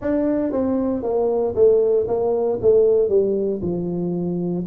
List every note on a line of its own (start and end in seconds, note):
0.01 0.51 D4
0.51 1.02 C4
1.02 1.54 A#3
1.55 2.06 A3
2.07 2.59 A#3
2.61 3.08 A3
3.08 3.60 G3
3.62 4.65 F3